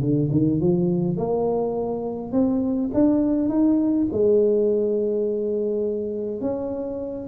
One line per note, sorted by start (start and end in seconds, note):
0.00 0.29 D3
0.31 0.60 D#3
0.61 1.17 F3
1.17 2.32 A#3
2.32 2.90 C4
2.94 3.49 D4
3.49 4.07 D#4
4.12 6.41 G#3
6.41 7.28 C#4